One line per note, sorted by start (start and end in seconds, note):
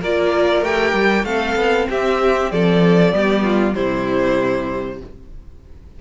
0.00 0.61 A#3
0.00 0.64 F4
0.00 1.25 A#4
0.00 0.63 D5
0.61 0.92 A3
0.61 1.24 G4
0.61 1.24 G5
0.93 1.24 G3
1.24 1.55 A3
1.24 3.11 C4
1.24 1.88 A4
1.24 1.87 F5
1.55 1.86 B3
1.89 2.51 C4
1.89 2.51 G4
1.89 2.51 E5
2.51 3.12 F3
2.51 3.14 A4
2.51 3.74 D5
3.11 3.75 G3
3.11 3.74 B3
3.11 3.43 G4
3.43 3.74 F4
3.74 5.01 C3
3.74 4.99 G3
3.74 4.99 E4
3.74 4.99 C5